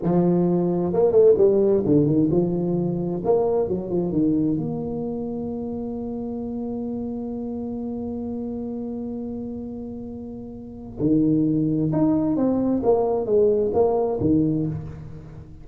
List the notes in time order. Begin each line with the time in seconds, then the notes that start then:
0.02 F3
0.93 A#3
1.12 A3
1.37 G3
1.85 D3
2.06 D#3
2.31 F3
3.24 A#3
3.68 F#3
3.90 F3
4.12 D#3
4.57 A#3
11.00 D#3
11.92 D#4
12.36 C4
12.83 A#3
13.25 G#3
13.73 A#3
14.20 D#3